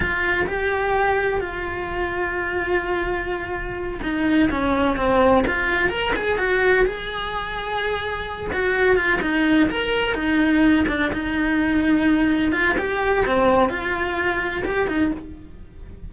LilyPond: \new Staff \with { instrumentName = "cello" } { \time 4/4 \tempo 4 = 127 f'4 g'2 f'4~ | f'1~ | f'8 dis'4 cis'4 c'4 f'8~ | f'8 ais'8 gis'8 fis'4 gis'4.~ |
gis'2 fis'4 f'8 dis'8~ | dis'8 ais'4 dis'4. d'8 dis'8~ | dis'2~ dis'8 f'8 g'4 | c'4 f'2 g'8 dis'8 | }